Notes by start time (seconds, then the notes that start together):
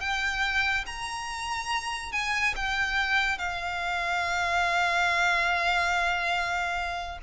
0.00 G5
0.86 A#5
2.12 G#5
2.55 G5
3.38 F5